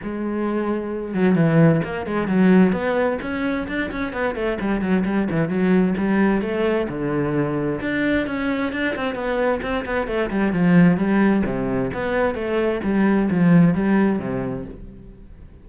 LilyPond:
\new Staff \with { instrumentName = "cello" } { \time 4/4 \tempo 4 = 131 gis2~ gis8 fis8 e4 | ais8 gis8 fis4 b4 cis'4 | d'8 cis'8 b8 a8 g8 fis8 g8 e8 | fis4 g4 a4 d4~ |
d4 d'4 cis'4 d'8 c'8 | b4 c'8 b8 a8 g8 f4 | g4 c4 b4 a4 | g4 f4 g4 c4 | }